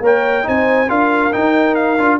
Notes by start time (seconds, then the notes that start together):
0.00 A#3 A#4 C#5 G5
0.43 C4 D#4 C5 G#5
0.88 D4 F4 A#4 F5
1.33 D#4 G5
1.75 F5
1.98 D4 F4